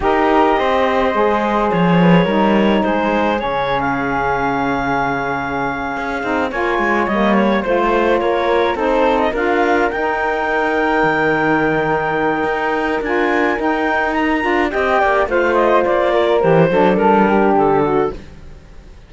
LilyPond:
<<
  \new Staff \with { instrumentName = "clarinet" } { \time 4/4 \tempo 4 = 106 dis''2. cis''4~ | cis''4 c''4 cis''8. f''4~ f''16~ | f''2.~ f''8 gis''8~ | gis''8 dis''8 cis''8 c''4 cis''4 c''8~ |
c''16 dis''16 f''4 g''2~ g''8~ | g''2. gis''4 | g''4 ais''4 g''4 f''8 dis''8 | d''4 c''4 ais'4 a'4 | }
  \new Staff \with { instrumentName = "flute" } { \time 4/4 ais'4 c''2~ c''8 b'8 | ais'4 gis'2.~ | gis'2.~ gis'8 cis''8~ | cis''4. c''4 ais'4 a'8~ |
a'8 ais'2.~ ais'8~ | ais'1~ | ais'2 dis''8 d''8 c''4~ | c''8 ais'4 a'4 g'4 fis'8 | }
  \new Staff \with { instrumentName = "saxophone" } { \time 4/4 g'2 gis'2 | dis'2 cis'2~ | cis'2. dis'8 f'8~ | f'8 ais4 f'2 dis'8~ |
dis'8 f'4 dis'2~ dis'8~ | dis'2. f'4 | dis'4. f'8 g'4 f'4~ | f'4 g'8 d'2~ d'8 | }
  \new Staff \with { instrumentName = "cello" } { \time 4/4 dis'4 c'4 gis4 f4 | g4 gis4 cis2~ | cis2~ cis8 cis'8 c'8 ais8 | gis8 g4 a4 ais4 c'8~ |
c'8 d'4 dis'2 dis8~ | dis2 dis'4 d'4 | dis'4. d'8 c'8 ais8 a4 | ais4 e8 fis8 g4 d4 | }
>>